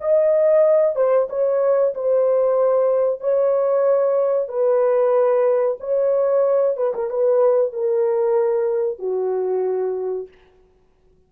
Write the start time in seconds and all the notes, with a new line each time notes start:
0.00 D#5
0.95 C5
1.29 C#5
1.94 C5
3.20 C#5
4.48 B4
5.79 C#5
6.77 B4
6.94 A#4
7.10 B4
7.72 A#4
8.99 F#4